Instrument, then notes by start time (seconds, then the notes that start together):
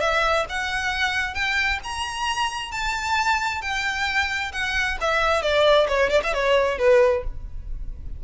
violin
0.00 E5
0.49 F#5
1.34 G5
1.84 A#5
2.71 A5
3.61 G5
4.52 F#5
5.00 E5
5.42 D5
5.87 C#5
6.10 D5
6.23 E5
6.33 C#5
6.78 B4